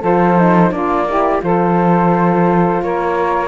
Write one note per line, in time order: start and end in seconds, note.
0.00 0.71 F3
0.00 0.37 F4
0.00 0.70 A4
0.00 0.71 C5
0.37 0.71 D#4
0.71 1.40 A#3
0.71 1.06 D4
0.71 1.07 F4
0.71 1.41 D5
1.08 1.40 E4
1.08 1.43 G4
1.40 2.81 F3
1.40 3.48 F4
1.40 2.82 A4
1.40 2.82 C5
2.81 3.48 A#3
2.81 3.48 A#4
2.81 3.48 C#5